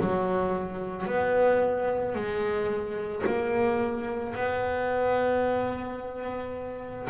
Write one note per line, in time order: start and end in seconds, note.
0.00 1.06 F#3
1.06 2.15 B3
2.15 3.24 G#3
3.26 4.34 A#3
4.34 7.07 B3